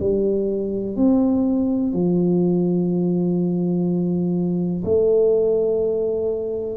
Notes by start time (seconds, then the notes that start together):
0.00 G3
0.96 C4
1.93 F3
4.85 A3